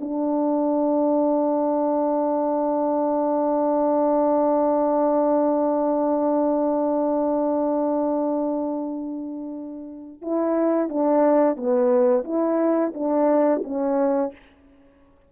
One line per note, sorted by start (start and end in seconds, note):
0.00 10.21 D4
10.21 10.89 E4
10.89 11.56 D4
11.56 12.24 B3
12.24 12.92 E4
12.94 13.62 D4
13.64 14.32 C#4